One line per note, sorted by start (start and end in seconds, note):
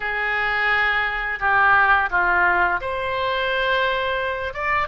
0.00 1.39 G#4
1.40 2.09 G4
2.10 2.80 F4
2.81 4.53 C5
4.53 4.87 D5